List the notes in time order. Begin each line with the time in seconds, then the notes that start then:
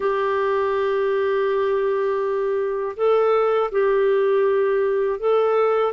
0.00 G4
2.96 A4
3.71 G4
5.19 A4